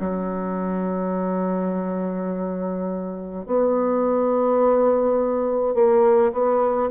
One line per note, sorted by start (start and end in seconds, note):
0.00 3.46 F#3
3.46 5.75 B3
5.75 6.33 A#3
6.33 6.90 B3